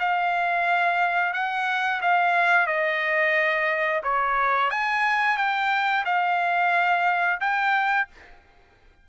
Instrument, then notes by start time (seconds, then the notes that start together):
trumpet
0.00 F5
1.34 F#5
2.02 F5
2.67 D#5
4.04 C#5
4.71 G#5
5.37 G5
6.06 F5
7.41 G5